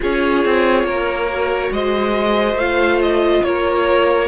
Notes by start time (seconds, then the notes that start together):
0.00 C#4 F4 G#4 C#5
0.44 C4
0.83 A#3 A#4
1.30 F#4
1.71 G#3 C5 D#5
2.54 A3 F4 F5
3.01 D#5
3.43 A#3 A#4 C#5